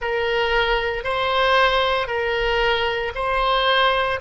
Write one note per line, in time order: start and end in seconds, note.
0.00 1.03 A#4
1.03 2.07 C5
2.07 3.12 A#4
3.14 4.20 C5